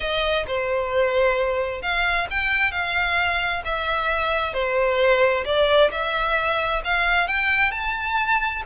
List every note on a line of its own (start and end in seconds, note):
0.00 0.45 D#5
0.47 1.82 C5
1.82 2.27 F5
2.30 2.71 G5
2.71 3.62 F5
3.65 4.53 E5
4.53 5.44 C5
5.45 5.90 D5
5.91 6.82 E5
6.84 7.27 F5
7.27 7.71 G5
7.71 8.62 A5